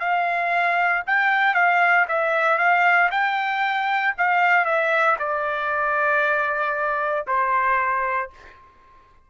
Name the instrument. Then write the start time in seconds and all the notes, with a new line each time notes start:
trumpet
0.00 F5
1.07 G5
1.55 F5
2.08 E5
2.59 F5
3.11 G5
4.18 F5
4.66 E5
5.19 D5
7.27 C5